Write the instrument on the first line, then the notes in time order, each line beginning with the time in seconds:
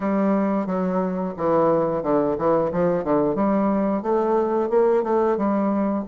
bassoon
0.00 G3
0.66 F#3
1.37 E3
2.02 D3
2.38 E3
2.72 F3
3.04 D3
3.35 G3
4.02 A3
4.69 A#3
5.03 A3
5.37 G3